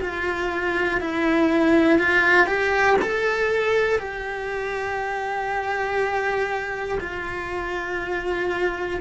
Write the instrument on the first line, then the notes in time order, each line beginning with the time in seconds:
cello
0.00 F4
1.00 E4
1.98 F4
2.46 G4
3.01 A4
3.98 G4
7.00 F4